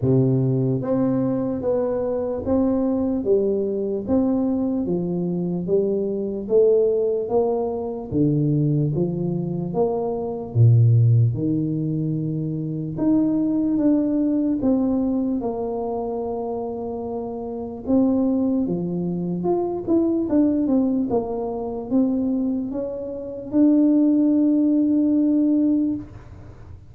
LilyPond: \new Staff \with { instrumentName = "tuba" } { \time 4/4 \tempo 4 = 74 c4 c'4 b4 c'4 | g4 c'4 f4 g4 | a4 ais4 d4 f4 | ais4 ais,4 dis2 |
dis'4 d'4 c'4 ais4~ | ais2 c'4 f4 | f'8 e'8 d'8 c'8 ais4 c'4 | cis'4 d'2. | }